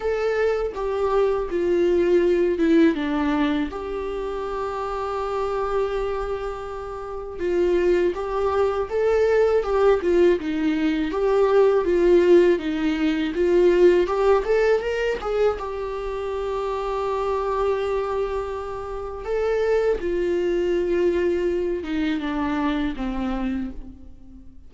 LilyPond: \new Staff \with { instrumentName = "viola" } { \time 4/4 \tempo 4 = 81 a'4 g'4 f'4. e'8 | d'4 g'2.~ | g'2 f'4 g'4 | a'4 g'8 f'8 dis'4 g'4 |
f'4 dis'4 f'4 g'8 a'8 | ais'8 gis'8 g'2.~ | g'2 a'4 f'4~ | f'4. dis'8 d'4 c'4 | }